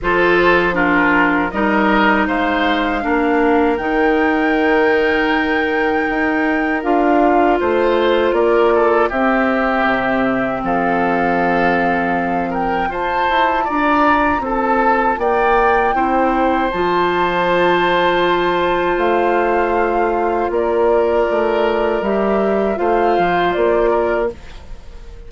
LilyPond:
<<
  \new Staff \with { instrumentName = "flute" } { \time 4/4 \tempo 4 = 79 c''4 ais'4 dis''4 f''4~ | f''4 g''2.~ | g''4 f''4 c''4 d''4 | e''2 f''2~ |
f''8 g''8 a''4 ais''4 a''4 | g''2 a''2~ | a''4 f''2 d''4~ | d''4 e''4 f''4 d''4 | }
  \new Staff \with { instrumentName = "oboe" } { \time 4/4 a'4 f'4 ais'4 c''4 | ais'1~ | ais'2 c''4 ais'8 a'8 | g'2 a'2~ |
a'8 ais'8 c''4 d''4 a'4 | d''4 c''2.~ | c''2. ais'4~ | ais'2 c''4. ais'8 | }
  \new Staff \with { instrumentName = "clarinet" } { \time 4/4 f'4 d'4 dis'2 | d'4 dis'2.~ | dis'4 f'2. | c'1~ |
c'4 f'2.~ | f'4 e'4 f'2~ | f'1~ | f'4 g'4 f'2 | }
  \new Staff \with { instrumentName = "bassoon" } { \time 4/4 f2 g4 gis4 | ais4 dis2. | dis'4 d'4 a4 ais4 | c'4 c4 f2~ |
f4 f'8 e'8 d'4 c'4 | ais4 c'4 f2~ | f4 a2 ais4 | a4 g4 a8 f8 ais4 | }
>>